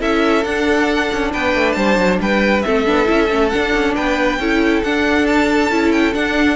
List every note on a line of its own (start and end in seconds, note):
0.00 0.45 C#4
0.00 0.44 E4
0.00 1.31 A4
0.00 0.44 E5
0.44 1.10 D4
0.44 2.65 D4
0.44 1.32 F#5
1.12 1.34 C#4
1.33 1.55 B3
1.33 1.76 B4
1.33 1.72 G5
1.55 1.76 A3
1.72 1.97 G3
1.72 2.20 C5
1.72 2.16 A5
1.97 2.19 F#3
2.20 2.64 G3
2.20 2.66 B4
2.20 2.62 G5
2.62 2.87 A3
2.62 2.86 C4
2.62 3.95 A4
2.62 3.49 E5
2.86 3.08 B3
2.86 3.06 D4
3.06 3.30 C#4
3.06 3.28 E4
3.30 3.52 A3
3.30 3.52 C#4
3.49 4.40 D4
3.49 3.93 F#5
3.56 3.75 D4
3.75 3.96 C#4
3.95 4.39 B3
3.95 4.39 B4
3.95 4.83 G5
4.39 4.82 C#4
4.39 4.85 E4
4.39 6.56 A4
4.83 5.71 D4
4.83 5.26 F#5
5.26 5.91 A5
5.71 6.14 C#4
5.71 6.14 E4
5.91 6.13 G5
6.14 6.56 D4
6.14 6.56 F#5